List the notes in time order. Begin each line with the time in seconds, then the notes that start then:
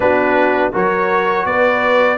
0.00 B3 D4 F#4 B4
0.72 F#3 F#4 A#4 C#5
1.45 B3 B4 D5